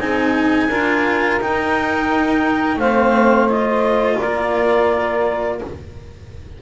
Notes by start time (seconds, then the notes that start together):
0.00 C4 D#4 G#4 G#5
0.68 D4 F4 A#4
1.41 D#4 G5
2.77 A3 C4 C5 F5
3.49 F4 D#5
4.18 A#3 A#4 D5